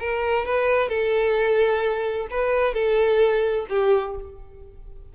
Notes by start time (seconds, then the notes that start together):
0.00 A#4
0.46 B4
0.89 A4
2.31 B4
2.74 A4
3.69 G4